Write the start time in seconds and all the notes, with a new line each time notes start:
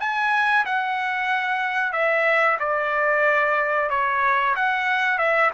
0.00 G#5
0.66 F#5
1.93 E5
2.60 D5
3.90 C#5
4.56 F#5
5.18 E5